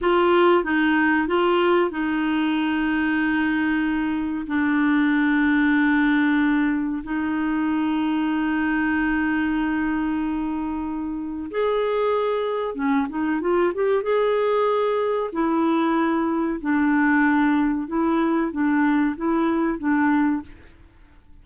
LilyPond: \new Staff \with { instrumentName = "clarinet" } { \time 4/4 \tempo 4 = 94 f'4 dis'4 f'4 dis'4~ | dis'2. d'4~ | d'2. dis'4~ | dis'1~ |
dis'2 gis'2 | cis'8 dis'8 f'8 g'8 gis'2 | e'2 d'2 | e'4 d'4 e'4 d'4 | }